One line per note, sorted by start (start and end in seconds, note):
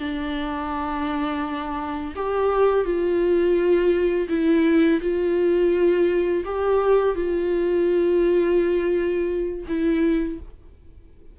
0.00 2.14 D4
2.16 2.85 G4
2.85 4.28 F4
4.30 5.01 E4
5.02 6.44 F4
6.45 7.16 G4
7.16 9.66 F4
9.69 10.40 E4